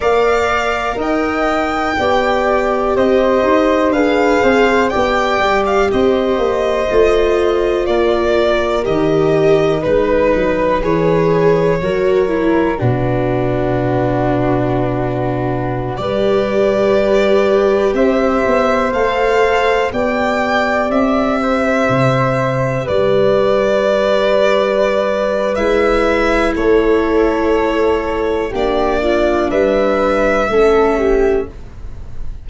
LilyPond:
<<
  \new Staff \with { instrumentName = "violin" } { \time 4/4 \tempo 4 = 61 f''4 g''2 dis''4 | f''4 g''8. f''16 dis''2 | d''4 dis''4 b'4 cis''4~ | cis''4 b'2.~ |
b'16 d''2 e''4 f''8.~ | f''16 g''4 e''2 d''8.~ | d''2 e''4 cis''4~ | cis''4 d''4 e''2 | }
  \new Staff \with { instrumentName = "flute" } { \time 4/4 d''4 dis''4 d''4 c''4 | b'8 c''8 d''4 c''2 | ais'2 b'2 | ais'4 fis'2.~ |
fis'16 b'2 c''4.~ c''16~ | c''16 d''4. c''4. b'8.~ | b'2. a'4~ | a'4 g'8 f'8 b'4 a'8 g'8 | }
  \new Staff \with { instrumentName = "viola" } { \time 4/4 ais'2 g'2 | gis'4 g'2 f'4~ | f'4 g'4 dis'4 gis'4 | fis'8 e'8 d'2.~ |
d'16 g'2. a'8.~ | a'16 g'2.~ g'8.~ | g'2 e'2~ | e'4 d'2 cis'4 | }
  \new Staff \with { instrumentName = "tuba" } { \time 4/4 ais4 dis'4 b4 c'8 dis'8 | d'8 c'8 b8 g8 c'8 ais8 a4 | ais4 dis4 gis8 fis8 e4 | fis4 b,2.~ |
b,16 g2 c'8 b8 a8.~ | a16 b4 c'4 c4 g8.~ | g2 gis4 a4~ | a4 ais4 g4 a4 | }
>>